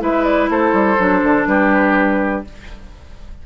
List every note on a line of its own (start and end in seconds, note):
0.00 0.49 G#3
0.00 0.98 E4
0.00 0.51 B4
0.00 0.24 E5
0.24 0.48 D5
0.49 0.73 A3
0.49 1.48 A4
0.49 1.47 C5
0.73 0.97 G3
0.98 1.24 F#3
0.98 2.45 D4
1.24 1.47 D3
1.47 2.45 G3
1.47 2.46 G4
1.47 2.45 B4